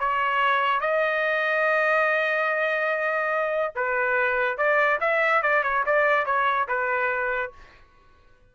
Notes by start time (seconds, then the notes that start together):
0.00 C#5
0.81 D#5
3.76 B4
4.58 D5
5.01 E5
5.43 D5
5.64 C#5
5.86 D5
6.26 C#5
6.69 B4